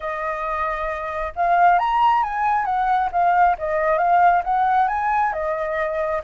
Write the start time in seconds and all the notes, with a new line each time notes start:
0.00 D#5
1.35 F5
1.78 A#5
2.23 G#5
2.65 F#5
3.12 F5
3.58 D#5
3.98 F5
4.44 F#5
4.88 G#5
5.32 D#5